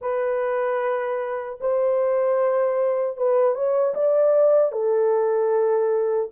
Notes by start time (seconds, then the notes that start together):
0.01 B4
1.60 C5
3.17 B4
3.54 C#5
3.94 D5
4.72 A4